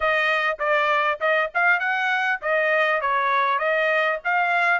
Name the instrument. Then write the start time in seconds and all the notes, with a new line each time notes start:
trumpet
0.00 D#5
0.59 D5
1.20 D#5
1.54 F5
1.79 F#5
2.41 D#5
3.01 C#5
3.58 D#5
4.24 F5